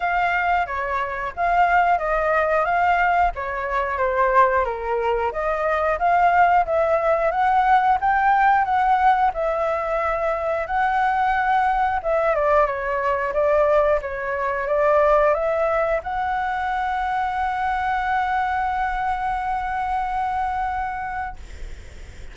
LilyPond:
\new Staff \with { instrumentName = "flute" } { \time 4/4 \tempo 4 = 90 f''4 cis''4 f''4 dis''4 | f''4 cis''4 c''4 ais'4 | dis''4 f''4 e''4 fis''4 | g''4 fis''4 e''2 |
fis''2 e''8 d''8 cis''4 | d''4 cis''4 d''4 e''4 | fis''1~ | fis''1 | }